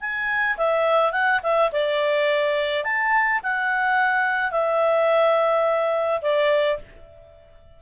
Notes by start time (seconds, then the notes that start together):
0.00 G#5
0.57 E5
1.12 F#5
1.43 E5
1.72 D5
2.84 A5
3.43 F#5
4.51 E5
6.21 D5